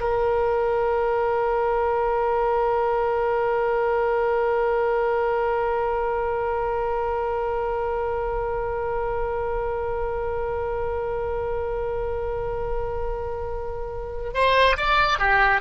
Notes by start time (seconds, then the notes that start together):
0.00 A#4
14.34 C5
14.77 D5
15.19 G4